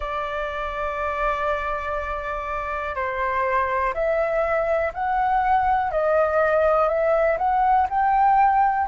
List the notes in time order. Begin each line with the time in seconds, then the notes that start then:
0.00 D5
2.95 C5
3.93 E5
4.93 F#5
5.91 D#5
6.88 E5
7.38 F#5
7.90 G5